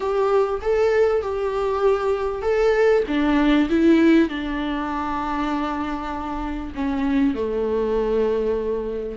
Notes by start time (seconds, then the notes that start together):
0.00 G4
0.61 A4
1.21 G4
2.42 A4
3.07 D4
3.69 E4
4.28 D4
6.75 C#4
7.34 A3